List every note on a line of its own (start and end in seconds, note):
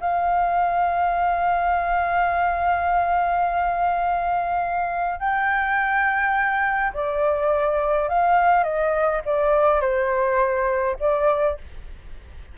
0.00 5.19 F5
5.19 6.92 G5
6.93 8.08 D5
8.08 8.63 F5
8.63 9.21 D#5
9.25 9.81 D5
9.81 10.96 C5
10.99 11.57 D5